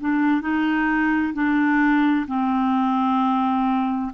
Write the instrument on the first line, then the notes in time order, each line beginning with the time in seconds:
clarinet
0.00 D4
0.41 D#4
1.33 D4
2.27 C4